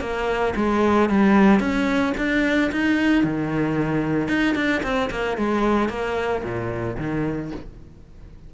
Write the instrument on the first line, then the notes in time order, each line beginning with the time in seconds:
cello
0.00 A#3
0.56 G#3
1.09 G3
1.59 C#4
2.17 D4
2.72 D#4
3.24 D#3
4.28 D#4
4.55 D4
4.83 C4
5.10 A#3
5.37 G#3
5.89 A#3
6.43 A#2
6.98 D#3